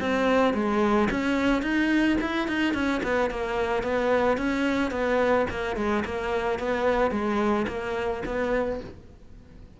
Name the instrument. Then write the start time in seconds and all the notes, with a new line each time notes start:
cello
0.00 C4
0.53 G#3
1.10 C#4
1.62 D#4
2.21 E4
2.47 D#4
2.73 C#4
3.03 B3
3.30 A#3
3.83 B3
4.37 C#4
4.91 B3
5.50 A#3
5.76 G#3
6.05 A#3
6.59 B3
7.11 G#3
7.68 A#3
8.25 B3